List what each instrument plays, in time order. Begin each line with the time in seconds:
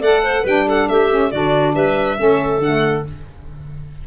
0.00 tuba A3, saxophone A4, clarinet D5, violin F#5
0.23 clarinet C5
0.43 tuba G3, saxophone D4, clarinet B4, violin G5
0.67 clarinet A4, violin F#5
0.88 tuba A3, clarinet G4, violin E5
1.10 saxophone C#4
1.31 tuba D3, saxophone D4, clarinet F#4, violin D5
1.75 tuba G3, clarinet B4, violin E5
2.17 tuba A3, saxophone C#4, clarinet A4
2.59 tuba D3, saxophone A3, violin F#5